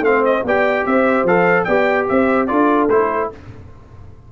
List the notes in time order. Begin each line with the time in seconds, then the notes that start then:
0.00 A3 C4 C5 F5
0.25 D#5
0.44 B3 G4 D5 G5
0.85 C4 C5 E5
1.24 F3 A4 F5
1.64 B3 G4 D5 G5
2.08 C4 C5 E5
2.47 D4 F4 A4 D5
2.89 A3 E4 C5